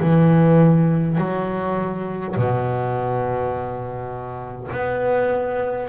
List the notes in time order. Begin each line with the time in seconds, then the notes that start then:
0.00 E3
1.18 F#3
2.36 B2
4.71 B3